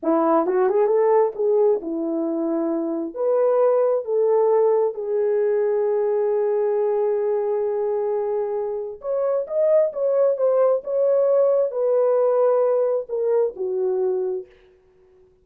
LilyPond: \new Staff \with { instrumentName = "horn" } { \time 4/4 \tempo 4 = 133 e'4 fis'8 gis'8 a'4 gis'4 | e'2. b'4~ | b'4 a'2 gis'4~ | gis'1~ |
gis'1 | cis''4 dis''4 cis''4 c''4 | cis''2 b'2~ | b'4 ais'4 fis'2 | }